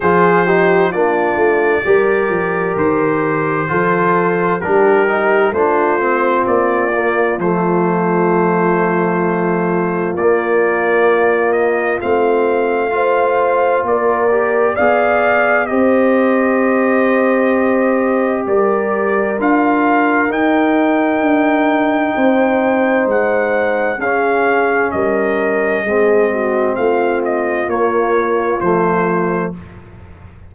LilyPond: <<
  \new Staff \with { instrumentName = "trumpet" } { \time 4/4 \tempo 4 = 65 c''4 d''2 c''4~ | c''4 ais'4 c''4 d''4 | c''2. d''4~ | d''8 dis''8 f''2 d''4 |
f''4 dis''2. | d''4 f''4 g''2~ | g''4 fis''4 f''4 dis''4~ | dis''4 f''8 dis''8 cis''4 c''4 | }
  \new Staff \with { instrumentName = "horn" } { \time 4/4 gis'8 g'8 f'4 ais'2 | a'4 g'4 f'2~ | f'1~ | f'2 c''4 ais'4 |
d''4 c''2. | ais'1 | c''2 gis'4 ais'4 | gis'8 fis'8 f'2. | }
  \new Staff \with { instrumentName = "trombone" } { \time 4/4 f'8 dis'8 d'4 g'2 | f'4 d'8 dis'8 d'8 c'4 ais8 | a2. ais4~ | ais4 c'4 f'4. g'8 |
gis'4 g'2.~ | g'4 f'4 dis'2~ | dis'2 cis'2 | c'2 ais4 a4 | }
  \new Staff \with { instrumentName = "tuba" } { \time 4/4 f4 ais8 a8 g8 f8 dis4 | f4 g4 a4 ais4 | f2. ais4~ | ais4 a2 ais4 |
b4 c'2. | g4 d'4 dis'4 d'4 | c'4 gis4 cis'4 g4 | gis4 a4 ais4 f4 | }
>>